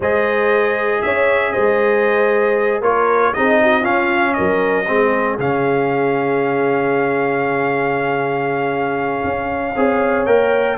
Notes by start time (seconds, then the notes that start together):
0.00 G#3 G#4 C5 D#5
1.01 C#4 C#5 E5
1.52 G#3 C5 D#5
2.81 A#3 F4 A#4 C#5
3.33 C4 D#4 G#4 D#5
3.62 F#4
3.80 C#4 F4 F5
4.33 F#3 A#4 D#5
4.87 G#3 C4 G#4
5.38 C#3 C#4 F5
9.23 C#4
9.74 C4 G#4 C#5
10.25 A#3 A#4 G5